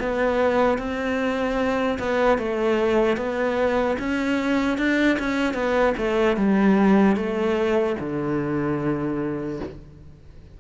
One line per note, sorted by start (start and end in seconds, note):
0.00 0.79 B3
0.79 1.99 C4
1.99 2.39 B3
2.39 3.17 A3
3.17 3.97 B3
3.99 4.78 C#4
4.78 5.18 D4
5.19 5.54 C#4
5.54 5.94 B3
5.98 6.37 A3
6.37 7.17 G3
7.17 7.97 A3
8.00 9.60 D3